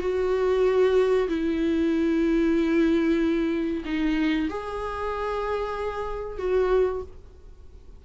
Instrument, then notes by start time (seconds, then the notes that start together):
viola
0.00 F#4
1.28 E4
3.85 D#4
4.49 G#4
6.38 F#4